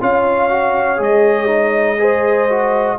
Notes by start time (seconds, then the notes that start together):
0.00 C#4 F4 C#5 F5
0.49 F#4
0.97 G#3 G#4 D#5
1.46 D#4
1.98 G#4 C5
2.49 F#4